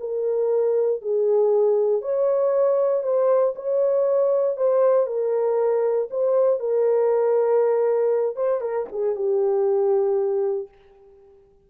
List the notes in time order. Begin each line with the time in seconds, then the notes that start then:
0.00 A#4
1.01 G#4
2.02 C#5
3.03 C5
3.56 C#5
4.57 C5
5.07 A#4
6.11 C5
6.60 A#4
8.36 C5
8.61 A#4
8.92 G#4
9.16 G4